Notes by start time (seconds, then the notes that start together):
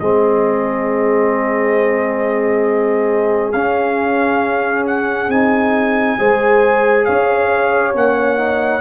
0.00 G#3 C4 G#4 D#5
3.53 C#4 F5
4.87 F#5
5.28 C4 D#4 G#5
6.19 G#3 G#4 C5
7.05 C#4 C#5 F5
7.94 A#3 C#4 F#5
8.37 D#4